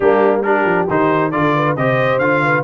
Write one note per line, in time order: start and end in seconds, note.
0.00 0.64 G3
0.00 0.44 A#3
0.00 0.43 D4
0.00 0.41 G4
0.43 0.88 D4
0.43 1.32 G4
0.43 0.87 A#4
0.64 0.86 F3
0.90 1.33 D#3
0.90 1.32 D#4
0.90 1.31 C5
1.31 1.76 D3
1.31 1.76 F4
1.31 1.55 A4
1.31 1.75 D5
1.55 1.77 B4
1.76 2.17 C3
1.76 2.21 G4
1.76 2.43 C5
1.76 2.18 D#5
2.17 2.62 D3
2.17 2.64 F4
2.17 2.62 F5
2.43 2.64 B4